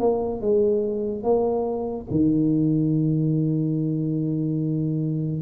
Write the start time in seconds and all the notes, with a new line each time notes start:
0.00 A#3
0.41 G#3
1.23 A#3
2.11 D#3